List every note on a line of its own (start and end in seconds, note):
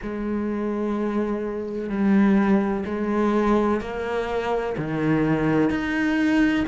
0.02 1.89 G#3
1.89 2.84 G3
2.85 3.81 G#3
3.81 4.76 A#3
4.77 5.70 D#3
5.70 6.65 D#4